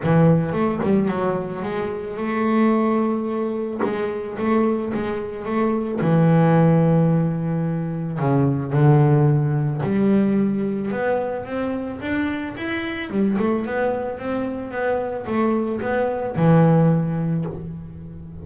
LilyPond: \new Staff \with { instrumentName = "double bass" } { \time 4/4 \tempo 4 = 110 e4 a8 g8 fis4 gis4 | a2. gis4 | a4 gis4 a4 e4~ | e2. cis4 |
d2 g2 | b4 c'4 d'4 e'4 | g8 a8 b4 c'4 b4 | a4 b4 e2 | }